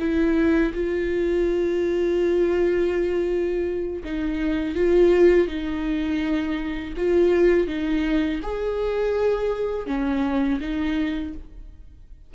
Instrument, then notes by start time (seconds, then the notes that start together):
viola
0.00 E4
0.74 F4
4.04 D#4
4.76 F4
5.48 D#4
6.97 F4
7.68 D#4
8.43 G#4
9.86 C#4
10.61 D#4